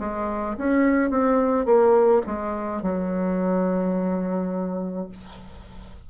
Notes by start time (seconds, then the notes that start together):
0.00 G#3
0.58 C#4
1.11 C4
1.66 A#3
2.26 G#3
2.83 F#3